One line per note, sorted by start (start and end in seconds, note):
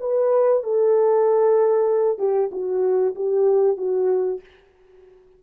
0.00 0.63 B4
0.63 2.18 A4
2.18 2.50 G4
2.51 3.15 F#4
3.15 3.77 G4
3.77 4.40 F#4